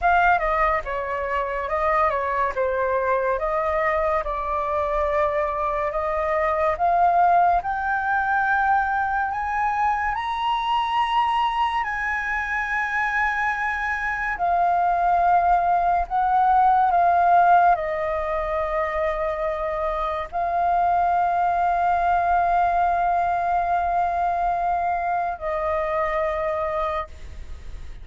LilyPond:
\new Staff \with { instrumentName = "flute" } { \time 4/4 \tempo 4 = 71 f''8 dis''8 cis''4 dis''8 cis''8 c''4 | dis''4 d''2 dis''4 | f''4 g''2 gis''4 | ais''2 gis''2~ |
gis''4 f''2 fis''4 | f''4 dis''2. | f''1~ | f''2 dis''2 | }